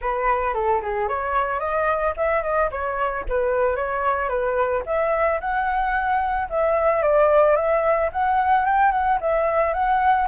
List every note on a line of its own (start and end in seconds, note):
0.01 0.54 B4
0.54 0.81 A4
0.81 1.08 G#4
1.08 1.59 C#5
1.59 2.14 D#5
2.16 2.43 E5
2.43 2.70 D#5
2.71 3.25 C#5
3.28 3.76 B4
3.76 4.28 C#5
4.28 4.82 B4
4.86 5.40 E5
5.40 6.48 F#5
6.49 7.02 E5
7.02 7.56 D5
7.56 8.10 E5
8.12 8.65 F#5
8.65 8.91 G5
8.91 9.18 F#5
9.20 9.73 E5
9.73 10.27 F#5